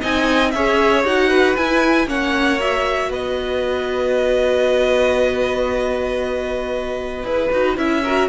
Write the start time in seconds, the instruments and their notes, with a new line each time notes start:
0.00 cello C4, viola D#4, violin D#5 G#5
0.51 cello C#4, viola G#4, violin C#5 E5
1.04 cello D#4, viola F#4, violin F#5
1.29 violin B4
1.56 cello E4, viola E4, violin G#5
2.06 cello A#3, viola C#4, violin C#5 F#5
2.59 viola F#4, violin E5
3.09 cello B3, violin B4 D#5
7.23 cello E4, viola G#4, violin B4
7.51 cello D#4, viola F#4
7.76 cello C#4, viola E4, violin E5
8.03 viola F#4, violin A#4